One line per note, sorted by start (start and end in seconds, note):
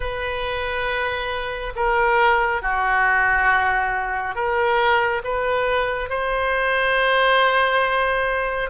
0.00 1.73 B4
1.75 2.62 A#4
2.62 4.35 F#4
4.35 5.22 A#4
5.24 6.09 B4
6.09 8.70 C5